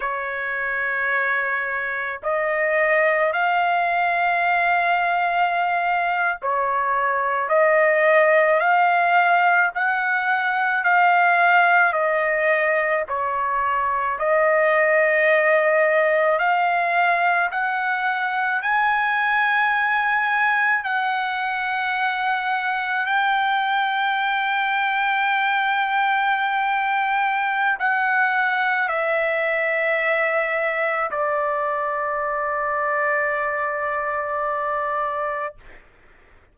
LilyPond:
\new Staff \with { instrumentName = "trumpet" } { \time 4/4 \tempo 4 = 54 cis''2 dis''4 f''4~ | f''4.~ f''16 cis''4 dis''4 f''16~ | f''8. fis''4 f''4 dis''4 cis''16~ | cis''8. dis''2 f''4 fis''16~ |
fis''8. gis''2 fis''4~ fis''16~ | fis''8. g''2.~ g''16~ | g''4 fis''4 e''2 | d''1 | }